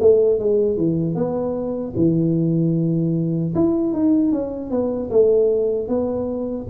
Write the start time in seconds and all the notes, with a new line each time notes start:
0.00 A3
0.39 G#3
0.77 E3
1.15 B3
1.96 E3
3.55 E4
3.93 D#4
4.32 C#4
4.71 B3
5.11 A3
5.88 B3